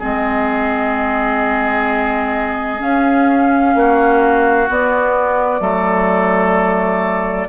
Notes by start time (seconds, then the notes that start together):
0.00 G#3 C4 G#4 D#5
2.79 C#4 F5
3.75 A#3 F#4
4.70 B3 D5
5.60 F#3 A3 A4